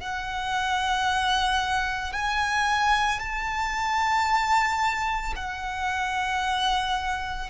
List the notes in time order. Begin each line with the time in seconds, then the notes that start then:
0.00 F#5
2.12 G#5
3.19 A5
5.36 F#5